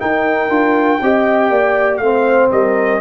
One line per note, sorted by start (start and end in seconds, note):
0.00 0.49 D#4
0.00 1.01 A#4
0.00 1.97 G5
0.49 0.99 D4
0.49 0.99 F4
1.02 1.50 C4
1.02 2.02 G4
1.02 1.51 D#5
1.50 1.99 A#3
1.50 2.01 D5
1.97 2.49 A3
1.97 3.01 C4
1.97 2.48 F5
2.04 2.53 C5
2.52 3.01 G3
2.52 3.01 A#4
2.52 3.01 D#5